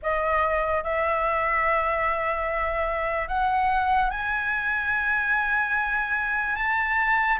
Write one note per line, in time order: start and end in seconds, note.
0.02 0.83 D#5
0.83 3.28 E5
3.28 4.10 F#5
4.10 6.55 G#5
6.55 7.37 A5